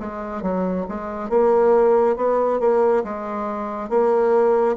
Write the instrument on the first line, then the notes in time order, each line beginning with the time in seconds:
bassoon
0.00 G#3
0.42 F#3
0.89 G#3
1.29 A#3
2.16 B3
2.60 A#3
3.04 G#3
3.90 A#3